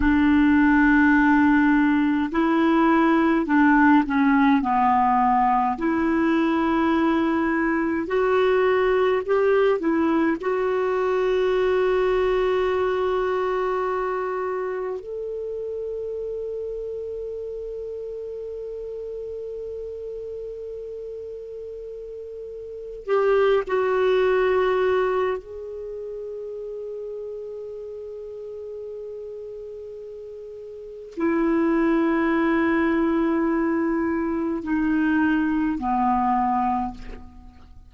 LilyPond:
\new Staff \with { instrumentName = "clarinet" } { \time 4/4 \tempo 4 = 52 d'2 e'4 d'8 cis'8 | b4 e'2 fis'4 | g'8 e'8 fis'2.~ | fis'4 a'2.~ |
a'1 | g'8 fis'4. gis'2~ | gis'2. e'4~ | e'2 dis'4 b4 | }